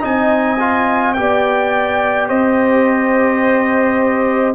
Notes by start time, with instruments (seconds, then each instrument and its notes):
0.00 tuba C4, trombone D#4, horn D#5, trumpet G#5
0.59 trombone F4
1.14 tuba B3, trombone G4, trumpet G5
1.20 horn D5
2.28 tuba C4, horn C5, trumpet D#5